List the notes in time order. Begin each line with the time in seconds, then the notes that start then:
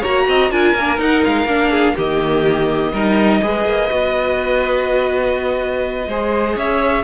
0.00 A#3 F#4 C#5 A#5
0.28 C4 D#5
0.51 D4 F4 A#4 G#5
0.74 A#3 D4
0.97 D#4 F#5
1.24 G#3 F5
1.46 A#3 D4
1.70 G#4
1.95 D#3 A#3 G4 D#5
2.92 G3 D#4 A#4
3.42 G#3 G#4 B4
3.65 A#3
3.89 B3 F#4
6.07 G#3 G#4 C5
6.56 C#4 C#5 E5